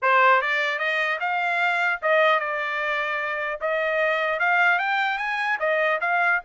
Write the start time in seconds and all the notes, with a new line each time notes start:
0.02 C5
0.41 D5
0.79 D#5
1.19 F5
2.01 D#5
2.39 D5
3.60 D#5
4.39 F5
4.78 G5
5.17 G#5
5.59 D#5
6.00 F5